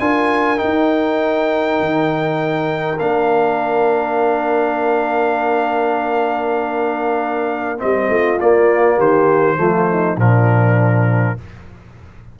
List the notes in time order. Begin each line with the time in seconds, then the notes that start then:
0.00 D4 F4 A#4 G#5
0.57 D#4 G5
0.64 D#4
1.80 D#3
2.99 A#3 D4 F5
7.78 C4 D#5
7.84 G3
8.09 A3 F4
8.41 A#3 D5
8.96 D#3 G4 C5
9.57 F3 A3 F4
9.91 D#4
10.17 A#2 F3 D4 A#4